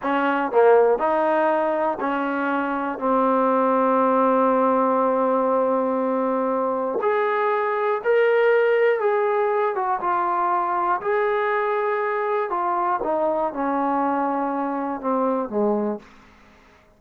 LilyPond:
\new Staff \with { instrumentName = "trombone" } { \time 4/4 \tempo 4 = 120 cis'4 ais4 dis'2 | cis'2 c'2~ | c'1~ | c'2 gis'2 |
ais'2 gis'4. fis'8 | f'2 gis'2~ | gis'4 f'4 dis'4 cis'4~ | cis'2 c'4 gis4 | }